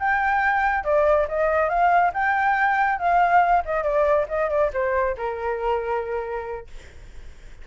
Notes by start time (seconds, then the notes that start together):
0.00 G5
0.85 D5
1.29 D#5
1.69 F5
2.14 G5
2.99 F5
3.65 D#5
3.84 D5
4.29 D#5
4.50 D5
4.74 C5
5.18 A#4